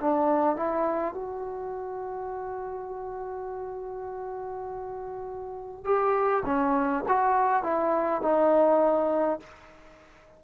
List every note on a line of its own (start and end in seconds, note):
0.00 0.56 D4
0.56 1.14 E4
1.14 5.84 F#4
5.84 6.43 G4
6.45 7.04 C#4
7.08 7.63 F#4
7.63 8.22 E4
8.22 9.40 D#4